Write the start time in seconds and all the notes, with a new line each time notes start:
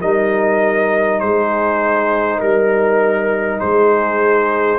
0.00 G3 D#4 A#4 D#5
1.20 G#3 G#4 C5
2.39 G3 A#4
3.60 G#3 G#4 C5